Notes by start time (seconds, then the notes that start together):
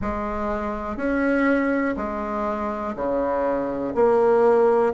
0.01 G#3
0.97 C#4
1.97 G#3
2.95 C#3
3.94 A#3